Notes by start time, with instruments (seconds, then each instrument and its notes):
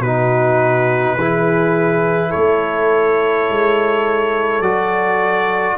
0.00 tuba B2, trombone D#4, horn F#4, trumpet B4
1.16 tuba E3, trombone E4, horn G#4
2.29 horn A4, trumpet C#5
2.37 tuba A3
3.50 tuba G#3
4.61 tuba F#3, trombone F#4, trumpet D5